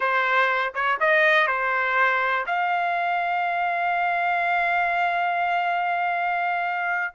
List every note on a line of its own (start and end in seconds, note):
0.00 0.73 C5
0.74 0.99 C#5
1.00 1.47 D#5
1.47 2.45 C5
2.46 7.13 F5